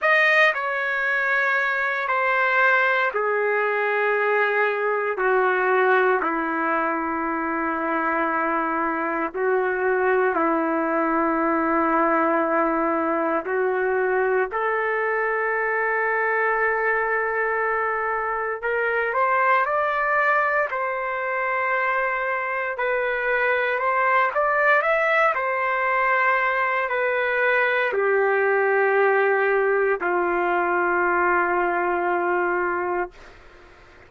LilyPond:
\new Staff \with { instrumentName = "trumpet" } { \time 4/4 \tempo 4 = 58 dis''8 cis''4. c''4 gis'4~ | gis'4 fis'4 e'2~ | e'4 fis'4 e'2~ | e'4 fis'4 a'2~ |
a'2 ais'8 c''8 d''4 | c''2 b'4 c''8 d''8 | e''8 c''4. b'4 g'4~ | g'4 f'2. | }